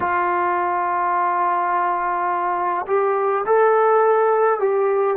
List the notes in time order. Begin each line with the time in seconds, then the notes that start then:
0.00 F4
2.86 G4
3.46 A4
4.59 G4